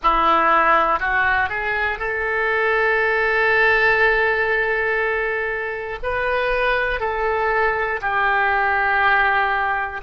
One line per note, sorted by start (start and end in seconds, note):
0.02 1.00 E4
1.00 1.49 F#4
1.49 1.98 G#4
1.98 5.98 A4
6.03 7.00 B4
7.00 8.00 A4
8.01 10.01 G4